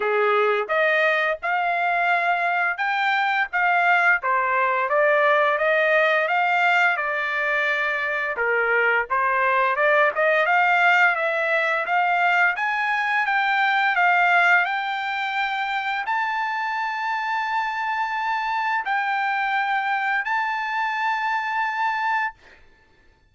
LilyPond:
\new Staff \with { instrumentName = "trumpet" } { \time 4/4 \tempo 4 = 86 gis'4 dis''4 f''2 | g''4 f''4 c''4 d''4 | dis''4 f''4 d''2 | ais'4 c''4 d''8 dis''8 f''4 |
e''4 f''4 gis''4 g''4 | f''4 g''2 a''4~ | a''2. g''4~ | g''4 a''2. | }